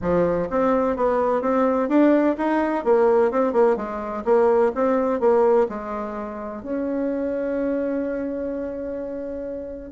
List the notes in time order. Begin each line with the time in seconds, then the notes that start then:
0.01 F3
0.50 C4
0.96 B3
1.41 C4
1.88 D4
2.37 D#4
2.84 A#3
3.31 C4
3.53 A#3
3.76 G#3
4.24 A#3
4.75 C4
5.20 A#3
5.68 G#3
6.62 C#4